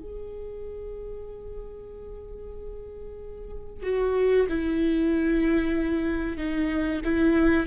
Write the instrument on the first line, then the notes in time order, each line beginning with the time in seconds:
viola
0.00 G#4
3.83 F#4
4.49 E4
6.37 D#4
7.05 E4